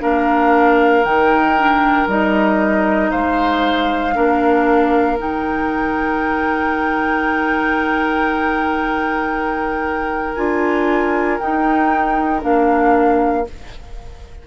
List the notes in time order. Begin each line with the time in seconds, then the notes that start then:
0.00 A#3 D4 A#4 F5
1.04 D#3 D#4 G5
1.58 D4
2.07 G3 D#4 D#5
3.10 G#3 C5 F5
4.14 A#3 D4 A#4
5.17 D#3 D#4 G5
10.34 D4 F4 G#5
11.38 D#4 G5
12.40 A#3 D4 F5